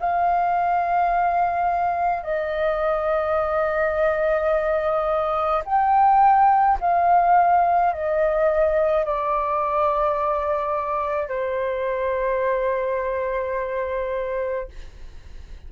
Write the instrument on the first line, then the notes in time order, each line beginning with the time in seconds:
flute
0.00 F5
2.23 D#5
5.66 G5
6.81 F5
7.93 D#5
9.05 D5
11.29 C5